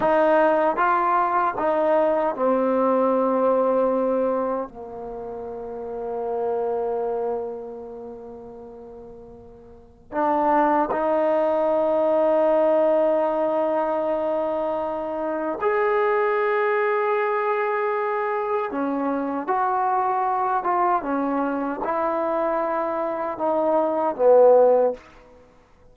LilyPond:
\new Staff \with { instrumentName = "trombone" } { \time 4/4 \tempo 4 = 77 dis'4 f'4 dis'4 c'4~ | c'2 ais2~ | ais1~ | ais4 d'4 dis'2~ |
dis'1 | gis'1 | cis'4 fis'4. f'8 cis'4 | e'2 dis'4 b4 | }